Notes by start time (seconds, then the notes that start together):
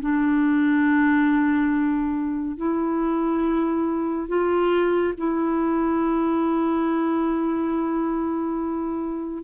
0.00 D4
2.57 E4
4.28 F4
5.17 E4